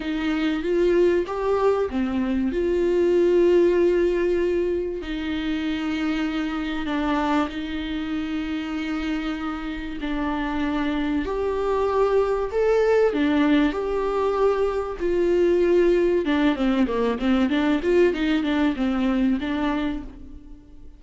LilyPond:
\new Staff \with { instrumentName = "viola" } { \time 4/4 \tempo 4 = 96 dis'4 f'4 g'4 c'4 | f'1 | dis'2. d'4 | dis'1 |
d'2 g'2 | a'4 d'4 g'2 | f'2 d'8 c'8 ais8 c'8 | d'8 f'8 dis'8 d'8 c'4 d'4 | }